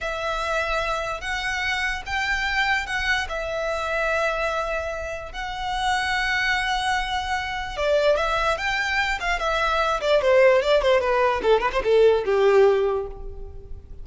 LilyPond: \new Staff \with { instrumentName = "violin" } { \time 4/4 \tempo 4 = 147 e''2. fis''4~ | fis''4 g''2 fis''4 | e''1~ | e''4 fis''2.~ |
fis''2. d''4 | e''4 g''4. f''8 e''4~ | e''8 d''8 c''4 d''8 c''8 b'4 | a'8 b'16 c''16 a'4 g'2 | }